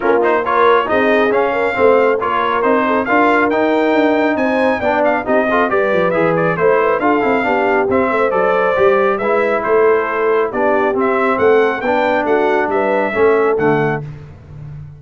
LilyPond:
<<
  \new Staff \with { instrumentName = "trumpet" } { \time 4/4 \tempo 4 = 137 ais'8 c''8 cis''4 dis''4 f''4~ | f''4 cis''4 c''4 f''4 | g''2 gis''4 g''8 f''8 | dis''4 d''4 e''8 d''8 c''4 |
f''2 e''4 d''4~ | d''4 e''4 c''2 | d''4 e''4 fis''4 g''4 | fis''4 e''2 fis''4 | }
  \new Staff \with { instrumentName = "horn" } { \time 4/4 f'4 ais'4 gis'4. ais'8 | c''4 ais'4. a'8 ais'4~ | ais'2 c''4 d''4 | g'8 a'8 b'2 c''8 b'8 |
a'4 g'4. c''4.~ | c''4 b'4 a'2 | g'2 a'4 b'4 | fis'4 b'4 a'2 | }
  \new Staff \with { instrumentName = "trombone" } { \time 4/4 cis'8 dis'8 f'4 dis'4 cis'4 | c'4 f'4 dis'4 f'4 | dis'2. d'4 | dis'8 f'8 g'4 gis'4 e'4 |
f'8 e'8 d'4 c'4 a'4 | g'4 e'2. | d'4 c'2 d'4~ | d'2 cis'4 a4 | }
  \new Staff \with { instrumentName = "tuba" } { \time 4/4 ais2 c'4 cis'4 | a4 ais4 c'4 d'4 | dis'4 d'4 c'4 b4 | c'4 g8 f8 e4 a4 |
d'8 c'8 b4 c'8 a8 fis4 | g4 gis4 a2 | b4 c'4 a4 b4 | a4 g4 a4 d4 | }
>>